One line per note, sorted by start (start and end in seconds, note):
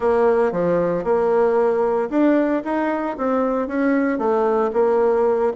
0.00 0.51 A#3
0.51 1.04 F3
1.04 2.09 A#3
2.10 2.62 D4
2.64 3.17 D#4
3.17 3.67 C4
3.67 4.18 C#4
4.18 4.71 A3
4.73 5.52 A#3